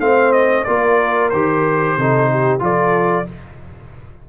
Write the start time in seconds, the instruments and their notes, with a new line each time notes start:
0.00 tuba A3, trombone C4, horn C5, trumpet F5
0.32 trumpet D#5
0.64 tuba A#3, trombone F4, horn A#4, trumpet D5
1.30 tuba D#3, trombone G4, trumpet C5
1.97 tuba C3, trombone D#4, horn A4
2.31 horn G4
2.60 tuba F3, trombone F4, horn A4, trumpet D5